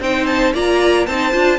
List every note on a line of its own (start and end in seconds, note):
0.00 0.53 C4
0.00 0.54 D#4
0.00 0.53 C5
0.00 0.26 G5
0.26 0.52 A5
0.53 1.07 A#3
0.53 1.07 F4
0.53 1.06 D5
0.53 1.06 A#5
1.06 1.34 C4
1.06 1.32 D#4
1.06 1.58 C5
1.06 1.58 A5
1.32 1.58 D4
1.32 1.58 F4